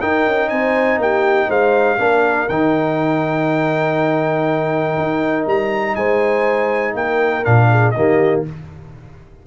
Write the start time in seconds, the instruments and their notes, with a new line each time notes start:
0.00 trombone D#4, tuba D#4, horn A#4, trumpet G5
0.27 tuba C#4
0.49 tuba C4, horn C5, trumpet G#5
0.98 tuba A#3, horn G4, trumpet G5
1.48 tuba G#3, horn C5, trumpet F5
1.99 tuba A#3, trombone D4, horn A#4
2.49 tuba D#3, trombone D#4, trumpet G5
4.98 tuba D#4
5.46 tuba G3, trumpet A#5
5.96 tuba G#3, horn C5, trumpet G#5
6.95 tuba A#3, horn A#4, trumpet G5
7.44 tuba A#2, trombone D4, trumpet F5
7.71 horn G#4
7.91 tuba D#3, trombone A#3, horn G4, trumpet D#5